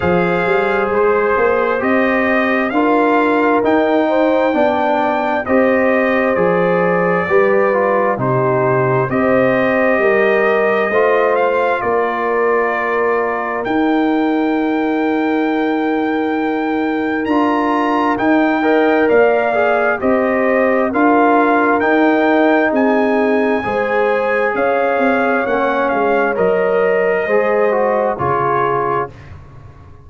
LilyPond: <<
  \new Staff \with { instrumentName = "trumpet" } { \time 4/4 \tempo 4 = 66 f''4 c''4 dis''4 f''4 | g''2 dis''4 d''4~ | d''4 c''4 dis''2~ | dis''8 f''8 d''2 g''4~ |
g''2. ais''4 | g''4 f''4 dis''4 f''4 | g''4 gis''2 f''4 | fis''8 f''8 dis''2 cis''4 | }
  \new Staff \with { instrumentName = "horn" } { \time 4/4 c''2. ais'4~ | ais'8 c''8 d''4 c''2 | b'4 g'4 c''4 ais'4 | c''4 ais'2.~ |
ais'1~ | ais'8 dis''8 d''4 c''4 ais'4~ | ais'4 gis'4 c''4 cis''4~ | cis''2 c''4 gis'4 | }
  \new Staff \with { instrumentName = "trombone" } { \time 4/4 gis'2 g'4 f'4 | dis'4 d'4 g'4 gis'4 | g'8 f'8 dis'4 g'2 | f'2. dis'4~ |
dis'2. f'4 | dis'8 ais'4 gis'8 g'4 f'4 | dis'2 gis'2 | cis'4 ais'4 gis'8 fis'8 f'4 | }
  \new Staff \with { instrumentName = "tuba" } { \time 4/4 f8 g8 gis8 ais8 c'4 d'4 | dis'4 b4 c'4 f4 | g4 c4 c'4 g4 | a4 ais2 dis'4~ |
dis'2. d'4 | dis'4 ais4 c'4 d'4 | dis'4 c'4 gis4 cis'8 c'8 | ais8 gis8 fis4 gis4 cis4 | }
>>